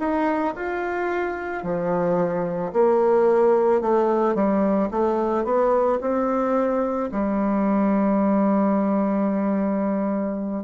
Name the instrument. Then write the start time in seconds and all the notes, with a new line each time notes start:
bassoon
0.00 D#4
0.56 F4
1.64 F3
2.73 A#3
3.82 A3
4.35 G3
4.91 A3
5.45 B3
6.01 C4
7.12 G3